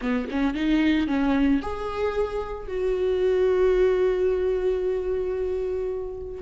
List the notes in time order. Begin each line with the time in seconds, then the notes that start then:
0.01 B3
0.30 C#4
0.54 D#4
1.07 C#4
1.61 G#4
2.67 F#4